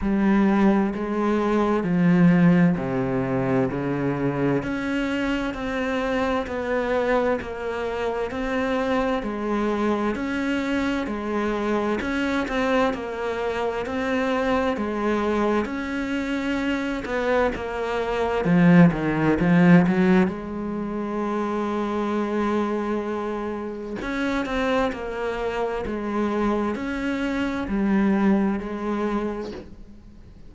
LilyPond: \new Staff \with { instrumentName = "cello" } { \time 4/4 \tempo 4 = 65 g4 gis4 f4 c4 | cis4 cis'4 c'4 b4 | ais4 c'4 gis4 cis'4 | gis4 cis'8 c'8 ais4 c'4 |
gis4 cis'4. b8 ais4 | f8 dis8 f8 fis8 gis2~ | gis2 cis'8 c'8 ais4 | gis4 cis'4 g4 gis4 | }